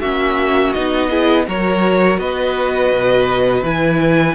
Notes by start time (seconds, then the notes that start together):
0.00 A#3 C#4 F#4 E5
0.73 B3 D#4 D#5
1.10 E4 G#4
1.47 F#3 F#4 A#4 C#5
2.18 B3 B4 D#5
2.92 B2
3.62 E3 E4 G#5